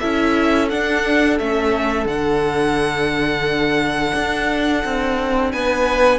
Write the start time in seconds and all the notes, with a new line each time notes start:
0.00 C#4 E4 A4 E5
0.70 D4 F#5
1.40 A3 C#4 E5
2.06 D3 D4 F#5
4.15 D4
4.85 C4
5.52 B3 B4 G#5